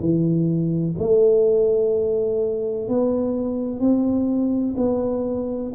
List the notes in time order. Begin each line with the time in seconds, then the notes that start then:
0.00 E3
0.99 A3
2.88 B3
3.80 C4
4.77 B3